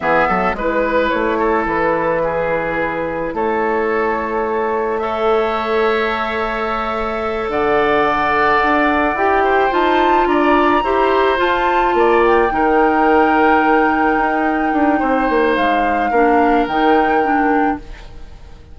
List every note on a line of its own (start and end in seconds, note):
0.00 0.28 E3
0.00 0.56 B3
0.00 0.28 G#4
0.00 0.55 E5
0.28 0.53 F#3
0.28 0.55 A4
0.53 1.09 G#3
0.53 5.00 E4
0.53 1.39 B4
0.53 1.09 B4
1.09 1.65 A3
1.09 1.64 C#5
1.39 2.22 A4
1.65 3.32 E3
1.65 3.35 B4
2.23 3.34 G#4
3.33 7.48 A3
3.33 5.01 A4
3.33 4.98 C#5
4.98 9.16 A4
4.98 7.51 C#5
4.98 7.48 E5
7.48 8.59 D3
7.48 9.43 D5
7.48 9.17 F#5
8.62 9.14 D4
9.14 9.69 E4
9.14 9.70 G4
9.14 9.72 G5
9.43 10.27 C5
9.70 10.26 D#4
9.70 10.81 F4
9.70 10.27 A5
10.26 10.82 D4
10.26 10.83 D5
10.26 11.38 A#5
10.83 11.38 E4
10.83 11.37 G4
10.83 11.94 C5
11.37 12.48 F4
11.37 11.94 F4
11.37 12.22 A5
11.94 12.49 A#3
11.94 12.53 D5
12.22 15.55 G5
12.51 14.17 D#3
12.51 16.12 D#4
12.51 14.99 A#4
14.17 14.72 D#4
14.72 15.00 D4
14.99 15.29 C4
14.99 16.10 C5
15.29 15.56 A#3
15.55 16.10 G#3
15.55 16.66 F5
16.10 16.66 A#3
16.10 16.69 D4
16.10 17.77 A#4
16.66 17.78 D#3
16.66 17.23 D#4
16.66 17.78 G5
17.23 17.78 D4